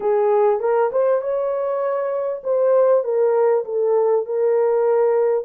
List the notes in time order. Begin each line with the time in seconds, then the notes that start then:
0.00 G#4
0.60 A#4
0.91 C5
1.21 C#5
2.43 C5
3.04 A#4
3.64 A4
4.25 A#4